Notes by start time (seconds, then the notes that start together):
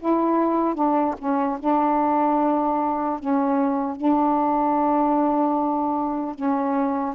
0.00 E4
0.75 D4
1.19 C#4
1.60 D4
3.20 C#4
3.97 D4
6.35 C#4